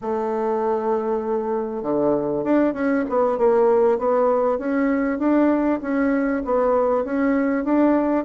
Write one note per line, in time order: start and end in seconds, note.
0.01 1.82 A3
1.82 2.44 D3
2.44 2.73 D4
2.73 3.04 C#4
3.09 3.38 B3
3.38 3.98 A#3
3.98 4.58 B3
4.58 5.18 C#4
5.18 5.79 D4
5.81 6.43 C#4
6.45 7.04 B3
7.04 7.64 C#4
7.64 8.24 D4